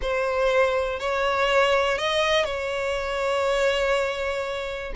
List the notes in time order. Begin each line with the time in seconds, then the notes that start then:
0.01 C5
0.99 C#5
1.98 D#5
2.44 C#5